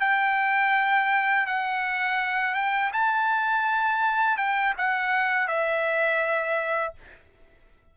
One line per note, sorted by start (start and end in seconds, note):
0.00 1.46 G5
1.46 2.54 F#5
2.54 2.91 G5
2.93 4.37 A5
4.37 4.74 G5
4.77 5.48 F#5
5.48 6.94 E5